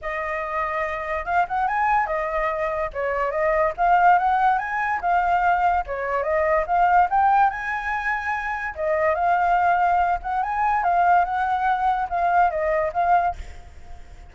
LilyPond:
\new Staff \with { instrumentName = "flute" } { \time 4/4 \tempo 4 = 144 dis''2. f''8 fis''8 | gis''4 dis''2 cis''4 | dis''4 f''4 fis''4 gis''4 | f''2 cis''4 dis''4 |
f''4 g''4 gis''2~ | gis''4 dis''4 f''2~ | f''8 fis''8 gis''4 f''4 fis''4~ | fis''4 f''4 dis''4 f''4 | }